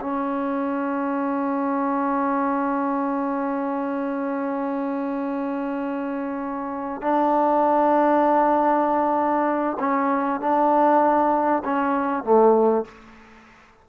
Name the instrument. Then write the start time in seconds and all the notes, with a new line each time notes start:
trombone
0.00 C#4
7.01 D4
9.79 C#4
10.40 D4
11.64 C#4
12.23 A3